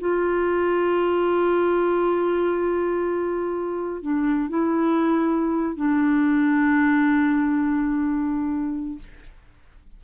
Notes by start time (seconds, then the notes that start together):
0.00 F4
4.02 D4
4.49 E4
5.76 D4